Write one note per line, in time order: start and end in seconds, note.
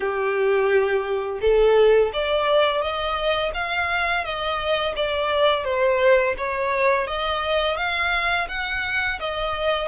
0.00 1.39 G4
1.41 2.11 A4
2.13 2.81 D5
2.81 3.52 D#5
3.54 4.24 F5
4.24 4.94 D#5
4.96 5.64 D5
5.64 6.34 C5
6.37 7.07 C#5
7.07 7.76 D#5
7.76 8.47 F5
8.48 9.19 F#5
9.19 9.88 D#5